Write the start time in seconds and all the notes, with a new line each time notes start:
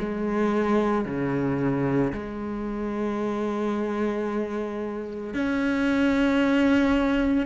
0.00 G#3
1.05 C#3
2.13 G#3
5.34 C#4